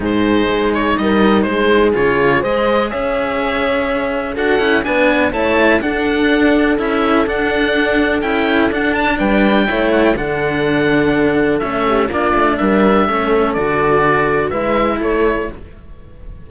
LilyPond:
<<
  \new Staff \with { instrumentName = "oboe" } { \time 4/4 \tempo 4 = 124 c''4. cis''8 dis''4 c''4 | cis''4 dis''4 e''2~ | e''4 fis''4 gis''4 a''4 | fis''2 e''4 fis''4~ |
fis''4 g''4 fis''8 a''8 g''4~ | g''8 fis''16 g''16 fis''2. | e''4 d''4 e''2 | d''2 e''4 cis''4 | }
  \new Staff \with { instrumentName = "horn" } { \time 4/4 gis'2 ais'4 gis'4~ | gis'4 c''4 cis''2~ | cis''4 a'4 b'4 cis''4 | a'1~ |
a'2. b'4 | cis''4 a'2.~ | a'8 g'8 f'4 ais'4 a'4~ | a'2 b'4 a'4 | }
  \new Staff \with { instrumentName = "cello" } { \time 4/4 dis'1 | f'4 gis'2.~ | gis'4 fis'8 e'8 d'4 e'4 | d'2 e'4 d'4~ |
d'4 e'4 d'2 | e'4 d'2. | cis'4 d'2 cis'4 | fis'2 e'2 | }
  \new Staff \with { instrumentName = "cello" } { \time 4/4 gis,4 gis4 g4 gis4 | cis4 gis4 cis'2~ | cis'4 d'8 cis'8 b4 a4 | d'2 cis'4 d'4~ |
d'4 cis'4 d'4 g4 | a4 d2. | a4 ais8 a8 g4 a4 | d2 gis4 a4 | }
>>